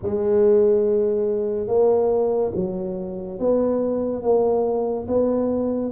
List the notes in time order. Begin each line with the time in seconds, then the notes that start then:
0.02 G#3
1.67 A#3
2.55 F#3
3.39 B3
4.22 A#3
5.07 B3